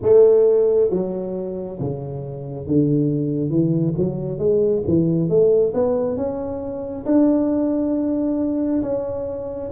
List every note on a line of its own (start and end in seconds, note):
0.02 0.90 A3
0.90 1.78 F#3
1.80 2.66 C#3
2.66 3.50 D3
3.50 3.94 E3
3.97 4.38 F#3
4.38 4.82 G#3
4.87 5.29 E3
5.29 5.73 A3
5.74 6.16 B3
6.16 7.05 C#4
7.05 8.82 D4
8.82 9.70 C#4